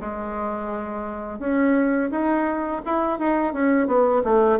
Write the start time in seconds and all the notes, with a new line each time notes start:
0.00 G#3
1.39 C#4
2.11 D#4
2.86 E4
3.19 D#4
3.53 C#4
3.87 B3
4.24 A3